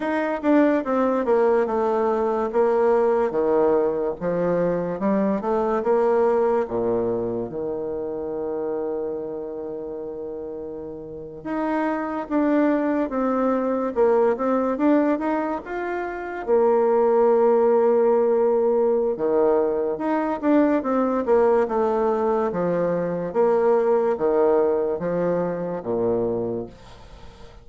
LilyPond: \new Staff \with { instrumentName = "bassoon" } { \time 4/4 \tempo 4 = 72 dis'8 d'8 c'8 ais8 a4 ais4 | dis4 f4 g8 a8 ais4 | ais,4 dis2.~ | dis4.~ dis16 dis'4 d'4 c'16~ |
c'8. ais8 c'8 d'8 dis'8 f'4 ais16~ | ais2. dis4 | dis'8 d'8 c'8 ais8 a4 f4 | ais4 dis4 f4 ais,4 | }